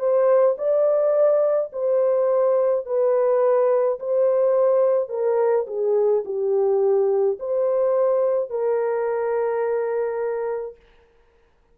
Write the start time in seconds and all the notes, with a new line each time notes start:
0.00 C5
0.58 D5
1.73 C5
2.86 B4
4.00 C5
5.09 A#4
5.68 G#4
6.25 G4
7.39 C5
8.50 A#4